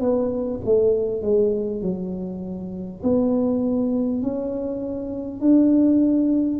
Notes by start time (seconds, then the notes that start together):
0.00 B3
0.65 A3
1.22 G#3
1.82 F#3
3.03 B3
4.23 C#4
5.41 D4